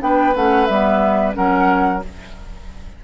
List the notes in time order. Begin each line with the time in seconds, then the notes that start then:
0.00 B3 D4 B4 G5
0.35 A3 C#4 F#5
0.66 G3 B3 E5
1.33 F#3 C#4 A#4 F#5